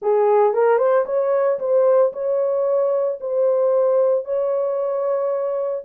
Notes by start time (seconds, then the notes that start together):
0.01 G#4
0.53 A#4
0.78 C5
1.05 C#5
1.59 C5
2.12 C#5
3.20 C5
4.25 C#5